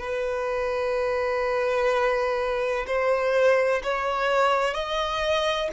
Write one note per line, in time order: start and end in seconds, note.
0.00 2.86 B4
2.87 3.82 C5
3.83 4.74 C#5
4.74 5.69 D#5